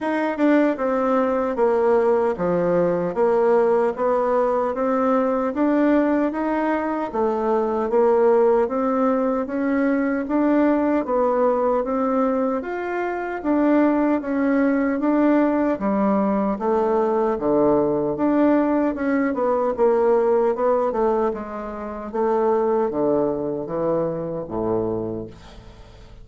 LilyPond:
\new Staff \with { instrumentName = "bassoon" } { \time 4/4 \tempo 4 = 76 dis'8 d'8 c'4 ais4 f4 | ais4 b4 c'4 d'4 | dis'4 a4 ais4 c'4 | cis'4 d'4 b4 c'4 |
f'4 d'4 cis'4 d'4 | g4 a4 d4 d'4 | cis'8 b8 ais4 b8 a8 gis4 | a4 d4 e4 a,4 | }